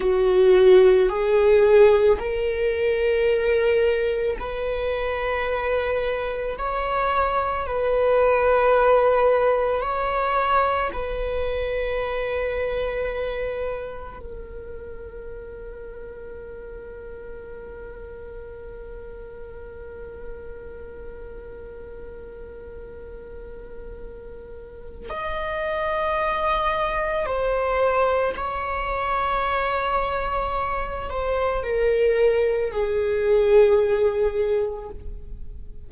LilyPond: \new Staff \with { instrumentName = "viola" } { \time 4/4 \tempo 4 = 55 fis'4 gis'4 ais'2 | b'2 cis''4 b'4~ | b'4 cis''4 b'2~ | b'4 ais'2.~ |
ais'1~ | ais'2. dis''4~ | dis''4 c''4 cis''2~ | cis''8 c''8 ais'4 gis'2 | }